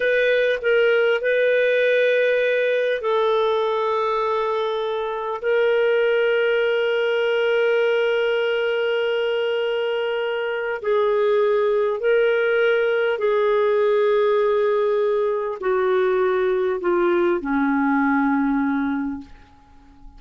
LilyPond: \new Staff \with { instrumentName = "clarinet" } { \time 4/4 \tempo 4 = 100 b'4 ais'4 b'2~ | b'4 a'2.~ | a'4 ais'2.~ | ais'1~ |
ais'2 gis'2 | ais'2 gis'2~ | gis'2 fis'2 | f'4 cis'2. | }